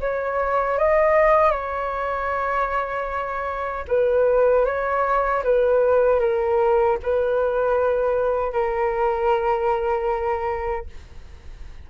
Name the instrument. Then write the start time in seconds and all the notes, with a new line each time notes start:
flute
0.00 C#5
0.78 D#5
1.51 C#5
3.88 B4
4.65 C#5
5.43 B4
6.19 A#4
7.03 B4
8.53 A#4